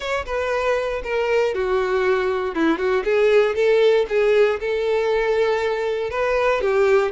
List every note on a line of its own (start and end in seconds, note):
0.00 0.25 C#5
0.25 1.02 B4
1.03 1.54 A#4
1.54 2.54 F#4
2.54 2.78 E4
2.78 3.03 F#4
3.04 3.55 G#4
3.55 4.06 A4
4.08 4.59 G#4
4.60 6.10 A4
6.10 6.61 B4
6.61 7.12 G4